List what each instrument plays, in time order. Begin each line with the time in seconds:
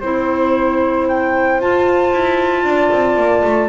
0.00 double bass C4, clarinet E4, flute C5, horn C5
1.08 flute G5
1.58 double bass F4, clarinet F4, flute A5
2.12 double bass E4
2.64 double bass D4, horn D5
2.92 double bass C4
3.16 double bass A#3
3.43 double bass A3